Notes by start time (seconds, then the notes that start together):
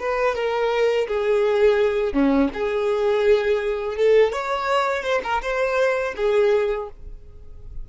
0.00 B4
0.35 A#4
1.08 G#4
2.14 C#4
2.54 G#4
3.97 A4
4.33 C#5
5.04 C5
5.24 A#4
5.42 C5
6.17 G#4